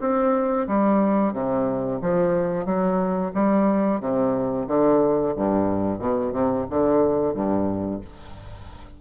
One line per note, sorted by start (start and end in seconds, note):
0.00 0.67 C4
0.67 1.33 G3
1.33 1.99 C3
2.01 2.65 F3
2.65 3.32 F#3
3.34 4.00 G3
4.00 4.66 C3
4.67 5.34 D3
5.35 5.98 G2
5.98 6.32 B2
6.32 6.65 C3
6.69 7.34 D3
7.34 8.00 G2